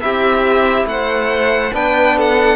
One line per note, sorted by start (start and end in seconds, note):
0.00 0.85 C4
0.00 1.71 E4
0.00 0.89 G4
0.00 0.86 E5
0.85 1.71 A3
0.85 1.74 C5
0.85 1.74 F#5
1.74 2.56 B3
1.74 2.56 D4
1.74 2.16 B4
1.74 2.18 G5
2.17 2.56 A4
2.17 2.56 F#5